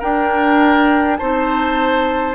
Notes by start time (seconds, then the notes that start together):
0.00 D4 A#4 G5
1.17 C4 D#4 C5 A5